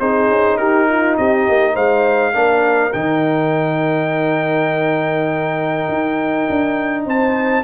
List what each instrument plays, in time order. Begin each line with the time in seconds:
0.00 tuba C4, trombone D#4, horn G#4, trumpet C5
0.29 tuba C#4
0.57 tuba D#4, horn G4, trumpet A#4
0.89 horn F4
1.17 tuba C4, horn G4, trumpet D#5
1.49 tuba A#3
1.74 tuba G#3, horn C5, trumpet F5
2.34 tuba A#3, trombone D4, horn A#4
2.93 tuba D#3, trombone D#4, trumpet G5
5.88 tuba D#4
6.50 tuba D4
7.06 tuba C4, horn C5, trumpet A5